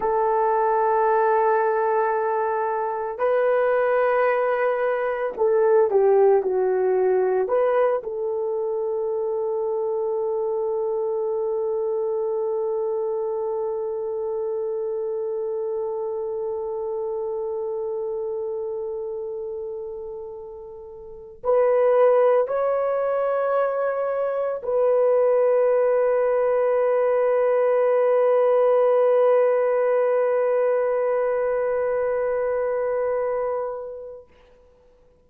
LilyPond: \new Staff \with { instrumentName = "horn" } { \time 4/4 \tempo 4 = 56 a'2. b'4~ | b'4 a'8 g'8 fis'4 b'8 a'8~ | a'1~ | a'1~ |
a'1 | b'4 cis''2 b'4~ | b'1~ | b'1 | }